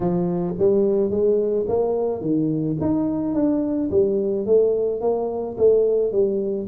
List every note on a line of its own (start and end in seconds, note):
0.00 0.54 F3
0.58 1.10 G3
1.10 1.66 G#3
1.68 2.21 A#3
2.21 2.76 D#3
2.81 3.34 D#4
3.34 3.90 D4
3.90 4.46 G3
4.46 5.00 A3
5.00 5.56 A#3
5.57 6.12 A3
6.12 6.67 G3